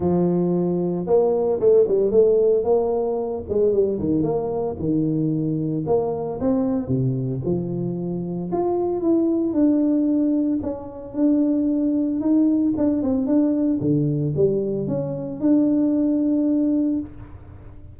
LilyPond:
\new Staff \with { instrumentName = "tuba" } { \time 4/4 \tempo 4 = 113 f2 ais4 a8 g8 | a4 ais4. gis8 g8 dis8 | ais4 dis2 ais4 | c'4 c4 f2 |
f'4 e'4 d'2 | cis'4 d'2 dis'4 | d'8 c'8 d'4 d4 g4 | cis'4 d'2. | }